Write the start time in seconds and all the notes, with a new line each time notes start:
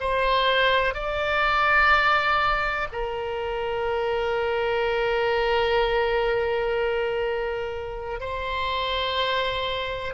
0.00 C5
0.94 D5
2.92 A#4
8.20 C5